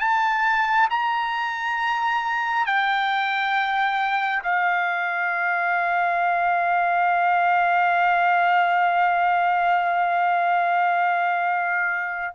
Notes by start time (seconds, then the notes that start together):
0.00 A5
0.90 A#5
2.66 G5
4.43 F5